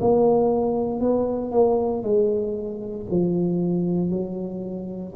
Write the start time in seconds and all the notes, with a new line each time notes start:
0.00 A#3
1.00 B3
1.51 A#3
2.03 G#3
3.10 F3
4.10 F#3